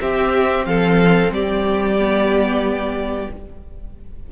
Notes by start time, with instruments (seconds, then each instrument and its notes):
0.00 viola C4, cello C4, violin G4 E5
0.66 cello F3, violin A4 F5
1.30 cello G3, violin G4 D5
1.99 viola B3